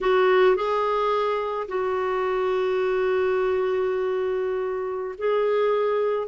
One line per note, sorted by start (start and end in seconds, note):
0.01 0.56 F#4
0.56 1.67 G#4
1.68 5.15 F#4
5.18 6.28 G#4